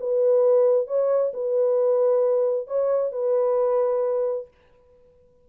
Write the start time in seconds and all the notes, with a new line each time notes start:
0.00 B4
0.87 C#5
1.33 B4
2.67 C#5
3.12 B4